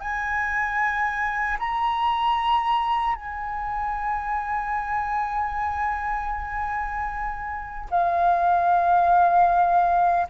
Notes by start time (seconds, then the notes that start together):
0.00 G#5
1.59 A#5
3.15 G#5
7.91 F5